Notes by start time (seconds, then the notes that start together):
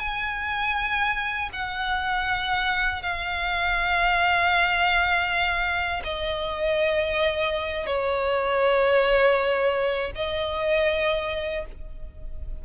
0.00 G#5
1.53 F#5
3.03 F5
6.04 D#5
7.87 C#5
10.16 D#5